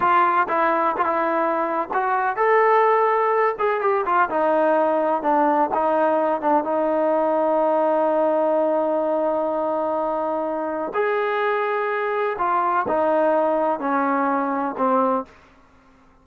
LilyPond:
\new Staff \with { instrumentName = "trombone" } { \time 4/4 \tempo 4 = 126 f'4 e'4 f'16 e'4.~ e'16 | fis'4 a'2~ a'8 gis'8 | g'8 f'8 dis'2 d'4 | dis'4. d'8 dis'2~ |
dis'1~ | dis'2. gis'4~ | gis'2 f'4 dis'4~ | dis'4 cis'2 c'4 | }